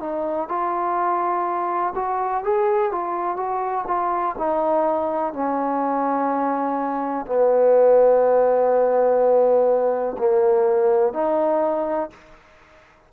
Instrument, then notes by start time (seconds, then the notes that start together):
trombone
0.00 D#4
0.48 F4
1.95 F#4
2.43 G#4
2.91 F4
3.36 F#4
3.87 F4
4.38 D#4
5.33 C#4
7.26 B3
10.17 A#3
11.13 D#4